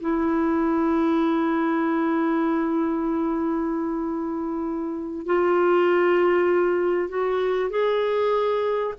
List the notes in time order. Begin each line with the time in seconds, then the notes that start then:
0.00 E4
5.25 F4
7.09 F#4
7.70 G#4